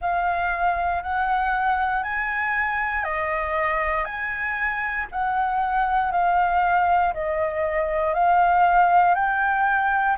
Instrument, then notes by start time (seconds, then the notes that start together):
flute
0.01 F5
1.02 F#5
2.03 G#5
3.04 D#5
4.04 G#5
5.11 F#5
6.11 F5
7.13 D#5
8.14 F5
9.14 G5